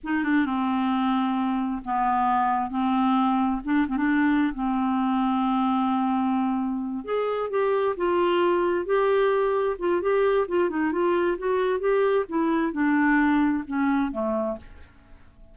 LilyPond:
\new Staff \with { instrumentName = "clarinet" } { \time 4/4 \tempo 4 = 132 dis'8 d'8 c'2. | b2 c'2 | d'8 c'16 d'4~ d'16 c'2~ | c'2.~ c'8 gis'8~ |
gis'8 g'4 f'2 g'8~ | g'4. f'8 g'4 f'8 dis'8 | f'4 fis'4 g'4 e'4 | d'2 cis'4 a4 | }